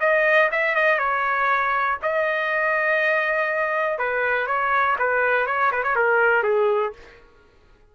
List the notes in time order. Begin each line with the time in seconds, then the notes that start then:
0.00 D#5
0.51 E5
0.75 D#5
0.98 C#5
2.02 D#5
3.98 B4
4.47 C#5
4.99 B4
5.46 C#5
5.71 B4
5.83 C#5
5.96 A#4
6.43 G#4